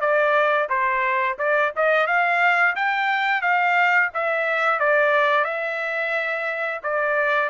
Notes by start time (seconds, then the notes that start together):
0.00 D5
0.69 C5
1.38 D5
1.76 D#5
2.06 F5
2.75 G5
3.41 F5
4.14 E5
4.79 D5
5.44 E5
6.83 D5